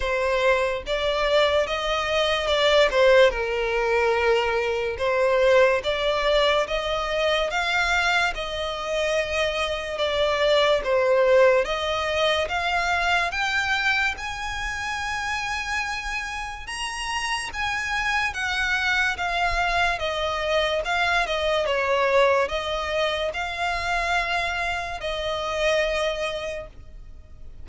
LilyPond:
\new Staff \with { instrumentName = "violin" } { \time 4/4 \tempo 4 = 72 c''4 d''4 dis''4 d''8 c''8 | ais'2 c''4 d''4 | dis''4 f''4 dis''2 | d''4 c''4 dis''4 f''4 |
g''4 gis''2. | ais''4 gis''4 fis''4 f''4 | dis''4 f''8 dis''8 cis''4 dis''4 | f''2 dis''2 | }